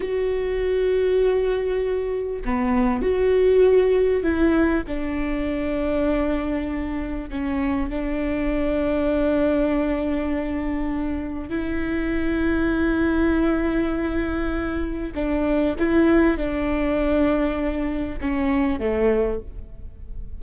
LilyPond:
\new Staff \with { instrumentName = "viola" } { \time 4/4 \tempo 4 = 99 fis'1 | b4 fis'2 e'4 | d'1 | cis'4 d'2.~ |
d'2. e'4~ | e'1~ | e'4 d'4 e'4 d'4~ | d'2 cis'4 a4 | }